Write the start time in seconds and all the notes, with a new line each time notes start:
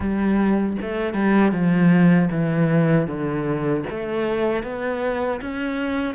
0.00 G3
0.81 A3
1.13 G3
1.52 F3
2.30 E3
3.07 D3
3.90 A3
4.63 B3
5.41 C#4